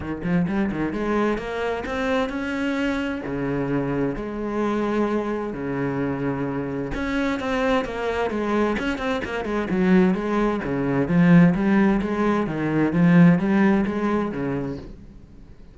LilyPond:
\new Staff \with { instrumentName = "cello" } { \time 4/4 \tempo 4 = 130 dis8 f8 g8 dis8 gis4 ais4 | c'4 cis'2 cis4~ | cis4 gis2. | cis2. cis'4 |
c'4 ais4 gis4 cis'8 c'8 | ais8 gis8 fis4 gis4 cis4 | f4 g4 gis4 dis4 | f4 g4 gis4 cis4 | }